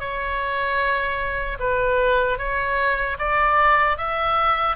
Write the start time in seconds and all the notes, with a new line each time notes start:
0.00 C#5
1.60 B4
2.39 C#5
3.19 D5
3.98 E5